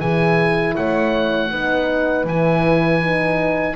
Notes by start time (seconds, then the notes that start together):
0.00 E3 E4 G#4 G#5
0.76 A3 C#5 F#5
1.51 B3 D#4 B4
2.24 E3 E4 G#5
3.01 D#4